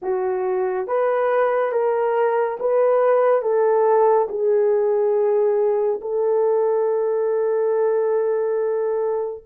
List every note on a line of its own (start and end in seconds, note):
0.02 0.87 F#4
0.87 1.71 B4
1.71 2.57 A#4
2.59 3.41 B4
3.41 4.27 A4
4.29 6.00 G#4
6.01 9.44 A4